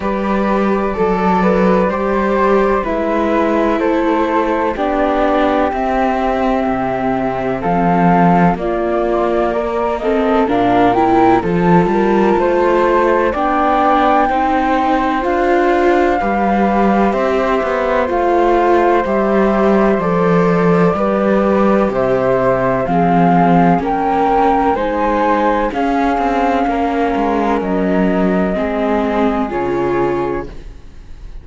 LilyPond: <<
  \new Staff \with { instrumentName = "flute" } { \time 4/4 \tempo 4 = 63 d''2. e''4 | c''4 d''4 e''2 | f''4 d''4. dis''8 f''8 g''8 | a''2 g''2 |
f''2 e''4 f''4 | e''4 d''2 e''4 | f''4 g''4 gis''4 f''4~ | f''4 dis''2 cis''4 | }
  \new Staff \with { instrumentName = "flute" } { \time 4/4 b'4 a'8 b'8 c''4 b'4 | a'4 g'2. | a'4 f'4 ais'8 a'8 ais'4 | a'8 ais'8 c''4 d''4 c''4~ |
c''4 b'4 c''2~ | c''2 b'4 c''4 | gis'4 ais'4 c''4 gis'4 | ais'2 gis'2 | }
  \new Staff \with { instrumentName = "viola" } { \time 4/4 g'4 a'4 g'4 e'4~ | e'4 d'4 c'2~ | c'4 ais4. c'8 d'8 e'8 | f'2 d'4 dis'4 |
f'4 g'2 f'4 | g'4 a'4 g'2 | c'4 cis'4 dis'4 cis'4~ | cis'2 c'4 f'4 | }
  \new Staff \with { instrumentName = "cello" } { \time 4/4 g4 fis4 g4 gis4 | a4 b4 c'4 c4 | f4 ais2 ais,4 | f8 g8 a4 b4 c'4 |
d'4 g4 c'8 b8 a4 | g4 f4 g4 c4 | f4 ais4 gis4 cis'8 c'8 | ais8 gis8 fis4 gis4 cis4 | }
>>